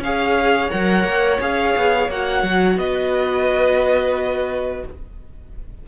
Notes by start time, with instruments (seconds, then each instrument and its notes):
0.00 cello C#4, viola G#4, violin C#5 F5
0.70 cello F#3, viola A#4, violin F#5
1.04 cello A#3
1.40 cello C#4, viola G#4, violin F5
1.77 cello B3
2.09 cello A#3, viola F#4, violin F#5
2.43 cello F#3
2.77 cello B3, violin B4 D#5